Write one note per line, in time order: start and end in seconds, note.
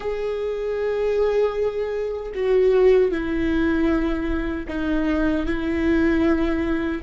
0.00 2.32 G#4
2.34 3.11 F#4
3.11 4.66 E4
4.68 5.45 D#4
5.45 7.01 E4